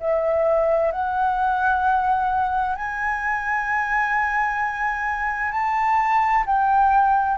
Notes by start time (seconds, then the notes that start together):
0.00 E5
0.91 F#5
2.76 G#5
5.52 A5
6.46 G5